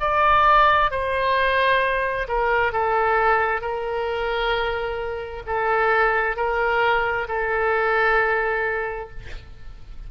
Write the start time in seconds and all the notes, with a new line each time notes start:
0.00 D5
0.91 C5
2.28 A#4
2.72 A4
3.61 A#4
5.46 A4
6.36 A#4
7.28 A4